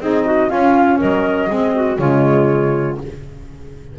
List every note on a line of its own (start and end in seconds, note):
0.00 0.50 C4
0.00 0.49 D#4
0.00 0.26 G#4
0.00 0.50 D#5
0.26 0.50 F#4
0.49 1.48 C#4
0.49 1.00 C#4
0.49 0.99 F4
0.49 0.99 F5
0.99 1.50 F#3
0.99 1.49 A#4
0.99 1.98 D#5
1.49 1.99 G#3
1.49 1.98 C4
1.49 1.73 G#4
1.75 2.00 F#4
1.98 2.98 C#3
1.98 2.97 G#3
1.98 2.99 F4
1.98 2.97 C#5